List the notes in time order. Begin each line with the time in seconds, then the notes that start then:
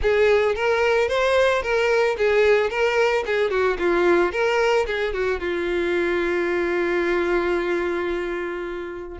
0.01 G#4
0.55 A#4
1.08 C5
1.62 A#4
2.17 G#4
2.70 A#4
3.26 G#4
3.50 F#4
3.78 F4
4.31 A#4
4.86 G#4
5.13 F#4
5.40 F4